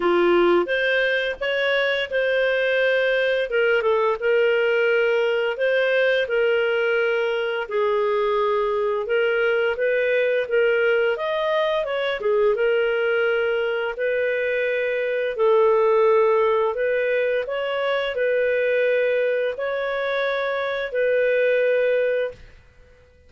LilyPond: \new Staff \with { instrumentName = "clarinet" } { \time 4/4 \tempo 4 = 86 f'4 c''4 cis''4 c''4~ | c''4 ais'8 a'8 ais'2 | c''4 ais'2 gis'4~ | gis'4 ais'4 b'4 ais'4 |
dis''4 cis''8 gis'8 ais'2 | b'2 a'2 | b'4 cis''4 b'2 | cis''2 b'2 | }